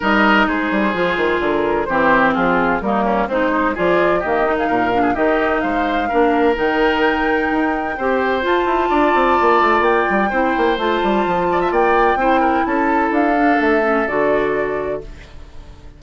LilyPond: <<
  \new Staff \with { instrumentName = "flute" } { \time 4/4 \tempo 4 = 128 dis''4 c''2 ais'4 | c''4 gis'4 ais'4 c''4 | d''4 dis''8. f''4~ f''16 dis''4 | f''2 g''2~ |
g''2 a''2~ | a''4 g''2 a''4~ | a''4 g''2 a''4 | f''4 e''4 d''2 | }
  \new Staff \with { instrumentName = "oboe" } { \time 4/4 ais'4 gis'2. | g'4 f'4 dis'8 cis'8 c'8 dis'8 | gis'4 g'8. gis'16 ais'8. gis'16 g'4 | c''4 ais'2.~ |
ais'4 c''2 d''4~ | d''2 c''2~ | c''8 d''16 e''16 d''4 c''8 ais'8 a'4~ | a'1 | }
  \new Staff \with { instrumentName = "clarinet" } { \time 4/4 dis'2 f'2 | c'2 ais4 dis'4 | f'4 ais8 dis'4 d'8 dis'4~ | dis'4 d'4 dis'2~ |
dis'4 g'4 f'2~ | f'2 e'4 f'4~ | f'2 e'2~ | e'8 d'4 cis'8 fis'2 | }
  \new Staff \with { instrumentName = "bassoon" } { \time 4/4 g4 gis8 g8 f8 dis8 d4 | e4 f4 g4 gis4 | f4 dis4 ais,4 dis4 | gis4 ais4 dis2 |
dis'4 c'4 f'8 e'8 d'8 c'8 | ais8 a8 ais8 g8 c'8 ais8 a8 g8 | f4 ais4 c'4 cis'4 | d'4 a4 d2 | }
>>